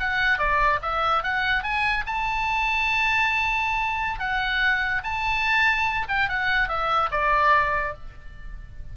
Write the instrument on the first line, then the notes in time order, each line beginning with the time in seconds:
oboe
0.00 F#5
0.39 D5
0.82 E5
1.23 F#5
1.63 G#5
2.07 A5
4.19 F#5
5.04 A5
6.09 G5
6.29 F#5
6.68 E5
7.11 D5